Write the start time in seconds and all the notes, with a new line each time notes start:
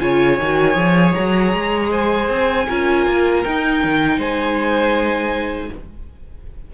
0.00 C#3 F4 C#5 G#5
0.39 D#3 F#4
0.74 F3 G#4
1.14 F#3 A#5
1.53 G#3
1.91 C5 G#5
2.29 C4
2.68 C#4 F4 A#4
3.07 A#3
3.44 D#4 G5
3.84 D#3
4.18 G#3 C5 G#5